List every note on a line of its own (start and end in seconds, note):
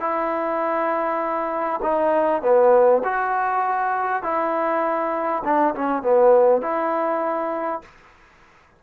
0.00 1.80 E4
1.82 2.42 D#4
2.42 3.02 B3
3.04 4.23 F#4
4.23 5.43 E4
5.44 5.74 D4
5.75 6.02 C#4
6.02 6.61 B3
6.61 7.81 E4